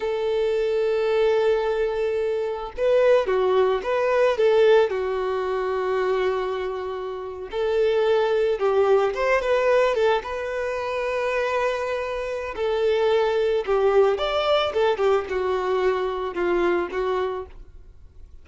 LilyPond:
\new Staff \with { instrumentName = "violin" } { \time 4/4 \tempo 4 = 110 a'1~ | a'4 b'4 fis'4 b'4 | a'4 fis'2.~ | fis'4.~ fis'16 a'2 g'16~ |
g'8. c''8 b'4 a'8 b'4~ b'16~ | b'2. a'4~ | a'4 g'4 d''4 a'8 g'8 | fis'2 f'4 fis'4 | }